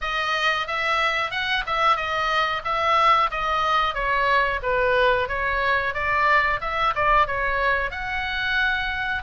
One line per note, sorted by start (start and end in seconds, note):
0.01 0.67 D#5
0.67 1.30 E5
1.30 1.63 F#5
1.66 1.96 E5
1.96 2.62 D#5
2.64 3.30 E5
3.31 3.94 D#5
3.94 4.60 C#5
4.62 5.28 B4
5.28 5.93 C#5
5.93 6.59 D5
6.61 6.94 E5
6.95 7.26 D5
7.26 7.90 C#5
7.90 9.22 F#5